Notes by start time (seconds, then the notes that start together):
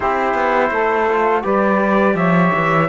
0.00 C4 E4 G4 C5
0.34 B3
0.70 A3 A4
1.08 F4
1.42 G3 G4 B4 D5
2.14 F3 C#5 E5
2.54 E3